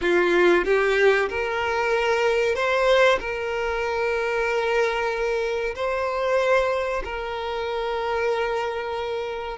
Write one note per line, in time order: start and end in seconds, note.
0.01 0.64 F4
0.64 1.28 G4
1.29 2.55 A#4
2.55 3.19 C5
3.19 5.74 A#4
5.74 7.02 C5
7.04 9.57 A#4